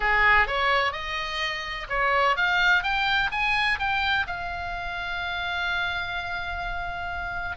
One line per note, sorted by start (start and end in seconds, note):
0.00 0.47 G#4
0.47 0.92 C#5
0.92 1.87 D#5
1.89 2.36 C#5
2.36 2.83 F5
2.83 3.30 G5
3.31 3.79 G#5
3.79 4.26 G5
4.26 7.56 F5